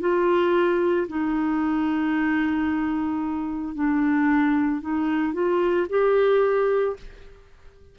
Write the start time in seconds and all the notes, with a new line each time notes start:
0.00 F4
1.08 D#4
3.75 D4
4.81 D#4
5.33 F4
5.89 G4